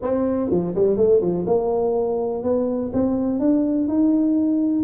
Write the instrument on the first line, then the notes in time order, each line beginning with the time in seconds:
tuba
0.02 C4
0.50 F3
0.74 G3
0.96 A3
1.21 F3
1.46 A#3
2.43 B3
2.93 C4
3.39 D4
3.88 D#4